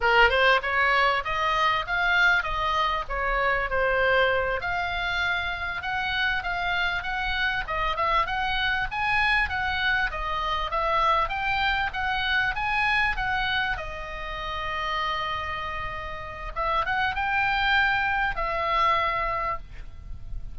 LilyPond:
\new Staff \with { instrumentName = "oboe" } { \time 4/4 \tempo 4 = 98 ais'8 c''8 cis''4 dis''4 f''4 | dis''4 cis''4 c''4. f''8~ | f''4. fis''4 f''4 fis''8~ | fis''8 dis''8 e''8 fis''4 gis''4 fis''8~ |
fis''8 dis''4 e''4 g''4 fis''8~ | fis''8 gis''4 fis''4 dis''4.~ | dis''2. e''8 fis''8 | g''2 e''2 | }